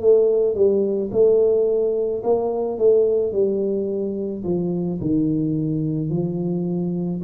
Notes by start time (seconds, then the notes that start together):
0.00 A3
0.55 G3
1.12 A3
2.23 A#3
2.78 A3
3.32 G3
4.44 F3
5.01 D#3
6.10 F3